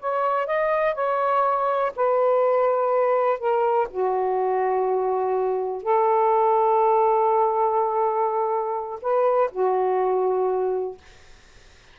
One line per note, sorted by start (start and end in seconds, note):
0.00 0.47 C#5
0.47 0.95 D#5
0.95 1.92 C#5
1.96 3.39 B4
3.39 3.88 A#4
3.91 5.83 F#4
5.83 9.00 A4
9.02 9.51 B4
9.51 10.98 F#4